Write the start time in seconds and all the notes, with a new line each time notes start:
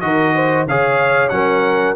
0.00 D#3 F#4 A#4 D#5
0.35 C5
0.66 C#3 G#4 C#5 F5
1.29 F#3 C#4 A#4 F#5